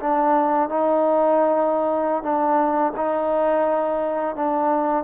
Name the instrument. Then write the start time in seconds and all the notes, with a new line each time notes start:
trombone
0.00 D4
0.69 D#4
2.23 D4
2.97 D#4
4.36 D4